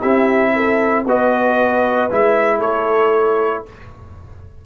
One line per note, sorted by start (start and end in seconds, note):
0.00 1.06 C4
0.00 1.06 E4
0.00 0.52 G4
0.00 1.05 E5
0.56 1.07 A4
1.06 2.09 B3
1.06 2.11 F#4
1.06 2.59 B4
1.06 2.12 D#5
2.11 2.60 G#3
2.11 3.66 E4
2.11 2.61 E5
2.59 3.63 A3
2.59 3.62 A4
2.59 3.65 C#5